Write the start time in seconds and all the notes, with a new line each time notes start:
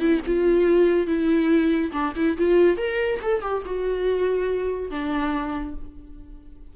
0.00 E4
0.27 F4
1.07 E4
1.92 D4
2.16 E4
2.38 F4
2.78 A#4
3.23 A4
3.42 G4
3.66 F#4
4.91 D4